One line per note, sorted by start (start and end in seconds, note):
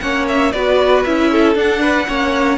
0.00 0.53 A#3
0.00 0.53 C#4
0.00 0.54 C#5
0.00 0.26 F#5
0.28 0.52 E5
0.52 1.05 B3
0.52 1.06 F#4
0.52 1.31 B4
0.52 1.03 D5
1.04 1.55 C#4
1.04 1.55 E4
1.04 1.56 E5
1.32 1.81 A4
1.55 2.06 D4
1.55 2.58 F#5
1.81 2.07 B4
2.07 2.58 A#3
2.07 2.58 C#4
2.07 2.58 C#5